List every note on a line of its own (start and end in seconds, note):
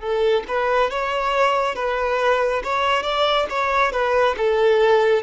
0.00 0.43 A4
0.47 0.90 B4
0.90 1.75 C#5
1.75 2.62 B4
2.63 3.03 C#5
3.03 3.46 D5
3.49 3.92 C#5
3.92 4.35 B4
4.37 5.22 A4